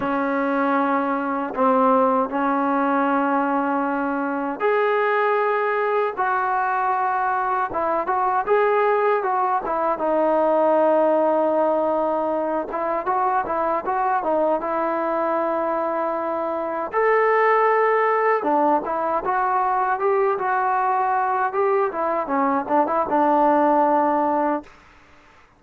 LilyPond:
\new Staff \with { instrumentName = "trombone" } { \time 4/4 \tempo 4 = 78 cis'2 c'4 cis'4~ | cis'2 gis'2 | fis'2 e'8 fis'8 gis'4 | fis'8 e'8 dis'2.~ |
dis'8 e'8 fis'8 e'8 fis'8 dis'8 e'4~ | e'2 a'2 | d'8 e'8 fis'4 g'8 fis'4. | g'8 e'8 cis'8 d'16 e'16 d'2 | }